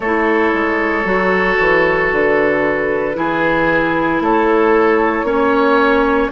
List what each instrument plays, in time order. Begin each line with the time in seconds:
0.00 bassoon A3, clarinet E4, oboe A4, flute C#5
0.53 bassoon G#3
1.04 bassoon F#3, clarinet F#4
1.59 bassoon E3
2.11 bassoon D3, flute B4
3.14 bassoon E3, clarinet E4, oboe G#4
4.20 bassoon A3, oboe A4, flute C#5
5.23 bassoon A#3, clarinet C#4, oboe C#5